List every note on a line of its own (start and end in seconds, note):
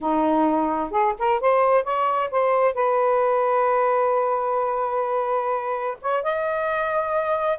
0.00 0.91 D#4
0.91 1.14 G#4
1.18 1.40 A#4
1.40 1.83 C5
1.83 2.30 C#5
2.31 2.74 C5
2.74 5.97 B4
6.01 6.23 C#5
6.23 7.59 D#5